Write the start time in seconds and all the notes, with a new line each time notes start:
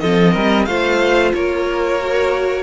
0.00 F3 C4 A4 D#5
0.32 G3 A#4
0.65 A3 F4 C5 F5
1.34 A#3 A#4 C#5
2.00 F#4